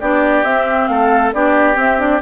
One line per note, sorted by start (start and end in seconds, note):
0.00 0.44 B3
0.00 0.45 D4
0.00 0.89 G4
0.00 0.44 D5
0.44 0.88 C4
0.44 1.34 C4
0.44 0.88 E5
0.88 1.33 A3
0.88 1.34 A4
0.88 1.32 F5
1.33 1.76 B3
1.33 1.74 D4
1.33 2.22 G4
1.33 1.77 D5
1.74 1.96 C4
1.74 2.20 C4
1.74 2.00 E5
1.98 2.20 D4
1.98 2.22 D5